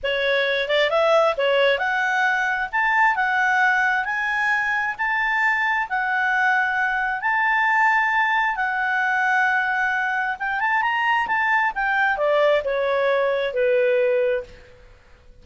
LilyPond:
\new Staff \with { instrumentName = "clarinet" } { \time 4/4 \tempo 4 = 133 cis''4. d''8 e''4 cis''4 | fis''2 a''4 fis''4~ | fis''4 gis''2 a''4~ | a''4 fis''2. |
a''2. fis''4~ | fis''2. g''8 a''8 | ais''4 a''4 g''4 d''4 | cis''2 b'2 | }